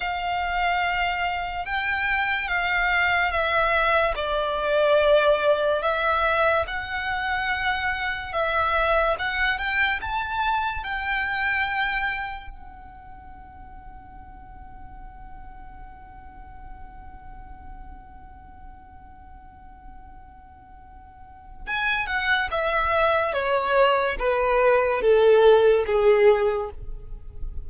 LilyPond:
\new Staff \with { instrumentName = "violin" } { \time 4/4 \tempo 4 = 72 f''2 g''4 f''4 | e''4 d''2 e''4 | fis''2 e''4 fis''8 g''8 | a''4 g''2 fis''4~ |
fis''1~ | fis''1~ | fis''2 gis''8 fis''8 e''4 | cis''4 b'4 a'4 gis'4 | }